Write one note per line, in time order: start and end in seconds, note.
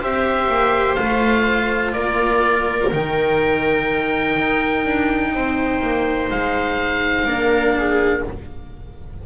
0.00 0.48 C4
0.00 0.97 G4
0.00 1.94 C5
0.00 0.94 E5
0.48 0.96 A#3
0.94 1.94 A3
0.94 2.90 F4
0.94 1.91 F5
1.92 2.91 A#3
1.92 5.32 A#4
1.92 2.89 D5
2.92 4.36 D#3
2.92 7.27 D#4
2.92 6.30 G5
4.36 4.84 D#4
4.84 5.32 D4
5.33 5.81 C4
5.33 7.28 C5
5.81 6.30 A#3
6.30 7.24 G#3
6.30 8.24 F5
7.24 8.21 A#3
7.24 8.23 D4
7.24 7.76 A#4
7.77 8.26 G#4